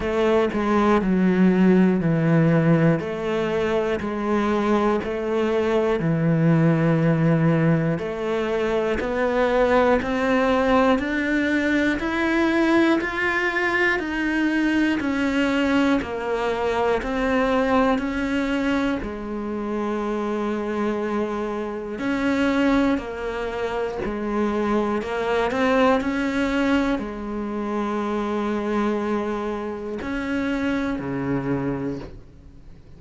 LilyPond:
\new Staff \with { instrumentName = "cello" } { \time 4/4 \tempo 4 = 60 a8 gis8 fis4 e4 a4 | gis4 a4 e2 | a4 b4 c'4 d'4 | e'4 f'4 dis'4 cis'4 |
ais4 c'4 cis'4 gis4~ | gis2 cis'4 ais4 | gis4 ais8 c'8 cis'4 gis4~ | gis2 cis'4 cis4 | }